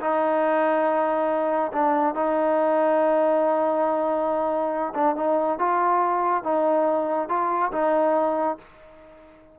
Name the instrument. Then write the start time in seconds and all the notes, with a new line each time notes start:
trombone
0.00 D#4
1.72 D4
2.15 D#4
4.94 D4
5.15 D#4
5.59 F4
6.43 D#4
7.29 F4
7.72 D#4